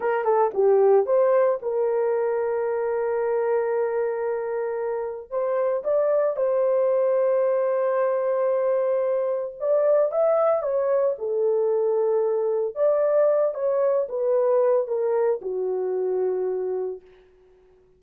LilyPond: \new Staff \with { instrumentName = "horn" } { \time 4/4 \tempo 4 = 113 ais'8 a'8 g'4 c''4 ais'4~ | ais'1~ | ais'2 c''4 d''4 | c''1~ |
c''2 d''4 e''4 | cis''4 a'2. | d''4. cis''4 b'4. | ais'4 fis'2. | }